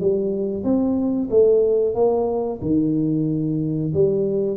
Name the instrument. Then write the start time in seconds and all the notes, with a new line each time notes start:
tuba
0.00 G3
0.64 C4
1.30 A3
1.95 A#3
2.62 D#3
3.94 G3